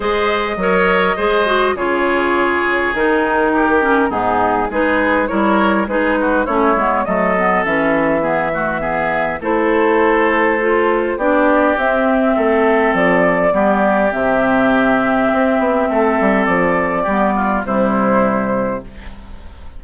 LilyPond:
<<
  \new Staff \with { instrumentName = "flute" } { \time 4/4 \tempo 4 = 102 dis''2. cis''4~ | cis''4 ais'2 gis'4 | b'4 cis''4 b'4 cis''4 | dis''4 e''2. |
c''2. d''4 | e''2 d''2 | e''1 | d''2 c''2 | }
  \new Staff \with { instrumentName = "oboe" } { \time 4/4 c''4 cis''4 c''4 gis'4~ | gis'2 g'4 dis'4 | gis'4 ais'4 gis'8 fis'8 e'4 | a'2 gis'8 fis'8 gis'4 |
a'2. g'4~ | g'4 a'2 g'4~ | g'2. a'4~ | a'4 g'8 f'8 e'2 | }
  \new Staff \with { instrumentName = "clarinet" } { \time 4/4 gis'4 ais'4 gis'8 fis'8 f'4~ | f'4 dis'4. cis'8 b4 | dis'4 e'4 dis'4 cis'8 b8 | a8 b8 cis'4 b8 a8 b4 |
e'2 f'4 d'4 | c'2. b4 | c'1~ | c'4 b4 g2 | }
  \new Staff \with { instrumentName = "bassoon" } { \time 4/4 gis4 fis4 gis4 cis4~ | cis4 dis2 gis,4 | gis4 g4 gis4 a8 gis8 | fis4 e2. |
a2. b4 | c'4 a4 f4 g4 | c2 c'8 b8 a8 g8 | f4 g4 c2 | }
>>